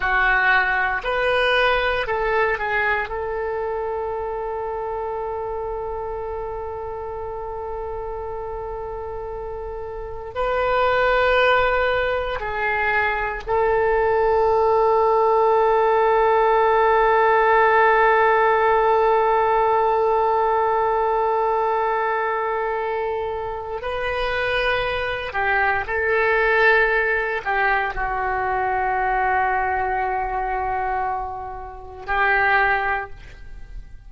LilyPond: \new Staff \with { instrumentName = "oboe" } { \time 4/4 \tempo 4 = 58 fis'4 b'4 a'8 gis'8 a'4~ | a'1~ | a'2 b'2 | gis'4 a'2.~ |
a'1~ | a'2. b'4~ | b'8 g'8 a'4. g'8 fis'4~ | fis'2. g'4 | }